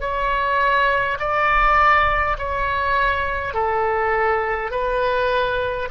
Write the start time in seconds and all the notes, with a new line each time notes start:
0.00 C#5
1.19 D5
2.38 C#5
3.53 A4
4.71 B4